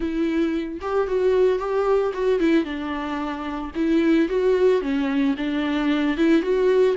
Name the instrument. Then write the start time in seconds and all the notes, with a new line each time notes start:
viola
0.00 E4
0.81 G4
1.07 F#4
1.58 G4
2.13 F#4
2.39 E4
2.64 D4
3.75 E4
4.29 F#4
4.81 C#4
5.37 D4
6.17 E4
6.42 F#4